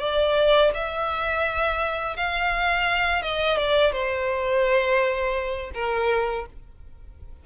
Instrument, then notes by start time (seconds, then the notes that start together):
violin
0.00 D5
0.74 E5
2.17 F5
3.22 D#5
3.57 D5
3.93 C5
5.74 A#4